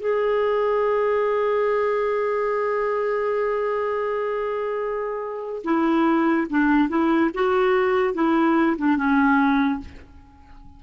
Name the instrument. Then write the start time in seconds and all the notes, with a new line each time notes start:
clarinet
0.00 G#4
5.64 E4
6.50 D4
6.89 E4
7.34 F#4
8.14 E4
8.78 D4
8.97 C#4